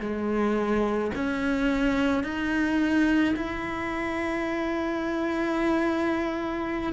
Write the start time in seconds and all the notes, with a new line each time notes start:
0.00 G#3
1.15 C#4
2.24 D#4
3.36 E4